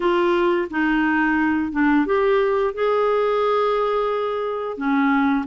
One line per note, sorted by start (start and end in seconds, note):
0.00 0.68 F4
0.70 1.71 D#4
1.71 2.05 D4
2.06 2.74 G4
2.74 4.77 G#4
4.77 5.45 C#4